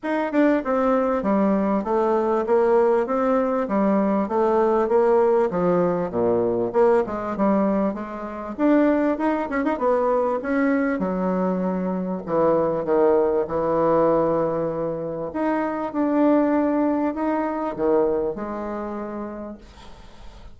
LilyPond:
\new Staff \with { instrumentName = "bassoon" } { \time 4/4 \tempo 4 = 98 dis'8 d'8 c'4 g4 a4 | ais4 c'4 g4 a4 | ais4 f4 ais,4 ais8 gis8 | g4 gis4 d'4 dis'8 cis'16 dis'16 |
b4 cis'4 fis2 | e4 dis4 e2~ | e4 dis'4 d'2 | dis'4 dis4 gis2 | }